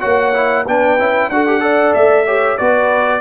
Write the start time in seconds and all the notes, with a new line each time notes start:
0.00 A#3 F#4 C#5 F#5
0.33 E4
0.65 B3 D4 B4 G5
0.99 C#4 E4
1.29 D4 F#4 A4 F#5
1.47 G4
1.60 A4 D5
1.94 A3 E5
2.26 G4 C#5
2.57 B3 F#4 B4 D5